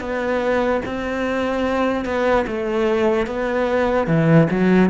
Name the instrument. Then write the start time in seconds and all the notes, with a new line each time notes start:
cello
0.00 B3
0.86 C4
2.05 B3
2.47 A3
3.27 B3
4.07 E3
4.50 F#3